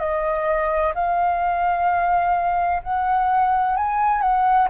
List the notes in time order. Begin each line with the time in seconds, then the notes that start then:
0.00 D#5
0.95 F5
2.83 F#5
3.77 G#5
4.22 F#5